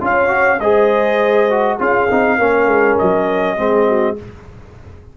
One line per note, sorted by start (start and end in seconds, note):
0.00 0.59 C#4
0.00 0.28 F4
0.00 0.60 C#5
0.00 0.60 F5
0.28 0.57 F#4
0.59 1.78 G#3
0.59 1.50 G#4
0.59 1.79 C5
0.59 1.78 D#5
1.50 1.78 F#4
1.78 2.09 C#4
1.78 2.08 F4
1.78 2.38 G#4
1.78 2.98 F5
2.10 2.39 C4
2.10 2.39 D#4
2.38 2.66 A#3
2.38 3.57 C#4
2.38 3.56 A#4
2.66 2.96 G#3
2.98 3.58 F#3
2.98 4.17 D#5
3.56 4.17 G#3
3.56 4.16 C4
3.56 3.86 G#4
3.86 4.16 F#4